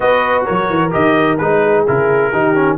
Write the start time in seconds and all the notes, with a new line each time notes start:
0.00 B3 F#4 B4 D#5
0.44 F#3 A#4 C#5
0.69 E3
0.90 D#3 G4 D#5
1.37 G#3 D#4 B4
1.63 G#4
1.87 C#3 E4 A#4
2.31 D#3 D#4 G4
2.55 C#4